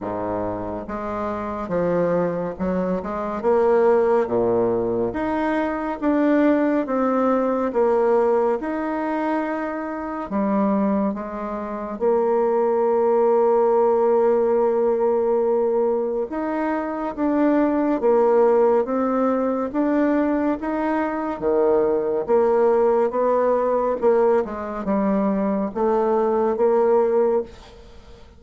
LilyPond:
\new Staff \with { instrumentName = "bassoon" } { \time 4/4 \tempo 4 = 70 gis,4 gis4 f4 fis8 gis8 | ais4 ais,4 dis'4 d'4 | c'4 ais4 dis'2 | g4 gis4 ais2~ |
ais2. dis'4 | d'4 ais4 c'4 d'4 | dis'4 dis4 ais4 b4 | ais8 gis8 g4 a4 ais4 | }